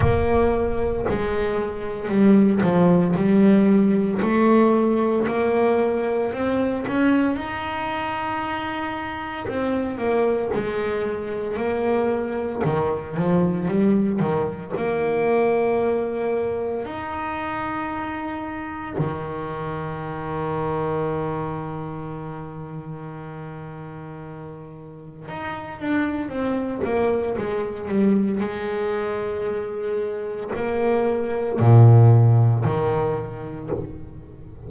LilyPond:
\new Staff \with { instrumentName = "double bass" } { \time 4/4 \tempo 4 = 57 ais4 gis4 g8 f8 g4 | a4 ais4 c'8 cis'8 dis'4~ | dis'4 c'8 ais8 gis4 ais4 | dis8 f8 g8 dis8 ais2 |
dis'2 dis2~ | dis1 | dis'8 d'8 c'8 ais8 gis8 g8 gis4~ | gis4 ais4 ais,4 dis4 | }